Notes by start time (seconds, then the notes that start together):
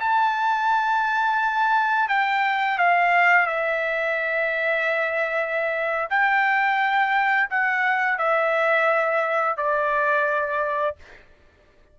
0.00 A5
2.09 G5
2.78 F5
3.47 E5
6.10 G5
7.50 F#5
8.18 E5
9.57 D5